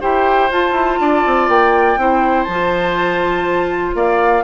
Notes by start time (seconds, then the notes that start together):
0.00 E4 G4 C5 G5
0.51 F4 A5
0.72 E4
1.00 D4 D5
1.26 C4
1.48 A#3 G5
1.97 C4 E4 C5
2.44 F3 A5
2.51 F4
3.94 A#3 D5 F5